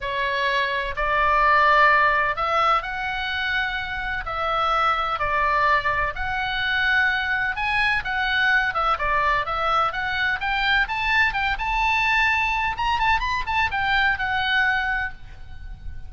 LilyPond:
\new Staff \with { instrumentName = "oboe" } { \time 4/4 \tempo 4 = 127 cis''2 d''2~ | d''4 e''4 fis''2~ | fis''4 e''2 d''4~ | d''4 fis''2. |
gis''4 fis''4. e''8 d''4 | e''4 fis''4 g''4 a''4 | g''8 a''2~ a''8 ais''8 a''8 | b''8 a''8 g''4 fis''2 | }